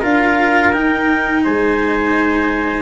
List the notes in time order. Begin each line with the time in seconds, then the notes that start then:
0.00 D4 F4 A#4 F5
0.72 D#4 G5
1.44 G#3 C5 G#5